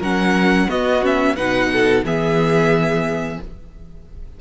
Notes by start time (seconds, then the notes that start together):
0.00 F#3 C#4 A#4 F#5
0.69 B3 F#4 D#5
1.02 C#4 E5
1.36 B2 D#4 B4 F#5
1.73 A4
2.04 E3 B3 G#4 E5